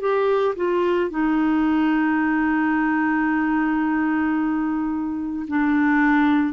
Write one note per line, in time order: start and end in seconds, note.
0.00 0.55 G4
0.56 1.10 F4
1.10 5.46 D#4
5.47 6.53 D4